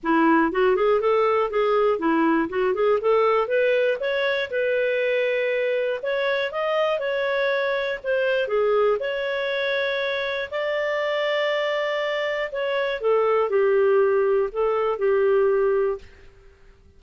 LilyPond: \new Staff \with { instrumentName = "clarinet" } { \time 4/4 \tempo 4 = 120 e'4 fis'8 gis'8 a'4 gis'4 | e'4 fis'8 gis'8 a'4 b'4 | cis''4 b'2. | cis''4 dis''4 cis''2 |
c''4 gis'4 cis''2~ | cis''4 d''2.~ | d''4 cis''4 a'4 g'4~ | g'4 a'4 g'2 | }